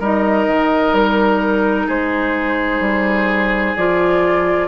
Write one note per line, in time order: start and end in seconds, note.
0.00 0.47 G3
0.00 3.77 D#4
0.00 1.87 A#4
0.00 0.95 D#5
0.47 0.93 D#3
0.93 1.87 G3
0.93 1.89 A#4
1.87 2.80 G#3
1.87 4.68 G#4
1.87 3.76 C5
2.80 3.74 G3
3.76 4.69 F3
3.76 4.69 F4
3.76 4.69 D5